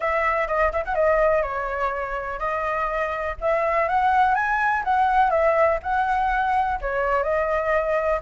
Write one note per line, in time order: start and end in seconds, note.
0.00 0.47 E5
0.47 0.71 D#5
0.72 0.84 E5
0.85 0.95 F#5
0.95 1.42 D#5
1.42 2.39 C#5
2.39 3.35 D#5
3.40 3.88 E5
3.88 4.34 F#5
4.34 4.83 G#5
4.84 5.30 F#5
5.30 5.78 E5
5.82 6.79 F#5
6.81 7.23 C#5
7.23 8.20 D#5